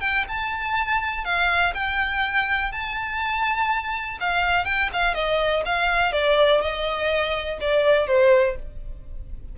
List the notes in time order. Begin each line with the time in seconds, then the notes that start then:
0.00 G5
0.28 A5
1.24 F5
1.74 G5
2.71 A5
4.20 F5
4.65 G5
4.93 F5
5.14 D#5
5.65 F5
6.12 D5
6.61 D#5
7.60 D5
8.07 C5